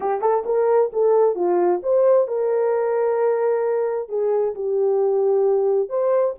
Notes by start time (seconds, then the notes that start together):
0.00 G4
0.21 A4
0.45 A#4
0.92 A4
1.35 F4
1.83 C5
2.27 A#4
4.08 G#4
4.55 G4
5.89 C5